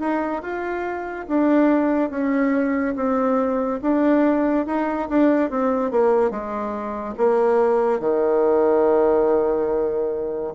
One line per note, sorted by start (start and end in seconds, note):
0.00 0.42 D#4
0.42 1.27 F4
1.28 2.10 D4
2.10 2.95 C#4
2.96 3.80 C4
3.82 4.66 D4
4.66 5.09 D#4
5.09 5.50 D4
5.50 5.91 C4
5.91 6.30 A#3
6.30 7.15 G#3
7.18 8.00 A#3
8.00 10.54 D#3